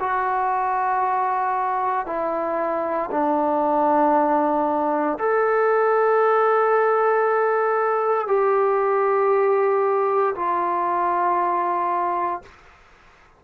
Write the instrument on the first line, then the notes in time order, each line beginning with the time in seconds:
trombone
0.00 F#4
2.06 E4
3.11 D4
5.19 A4
8.28 G4
10.35 F4